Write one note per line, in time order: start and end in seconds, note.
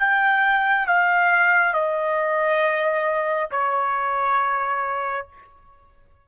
0.00 0.87 G5
0.87 1.74 F5
1.74 3.50 D#5
3.51 5.28 C#5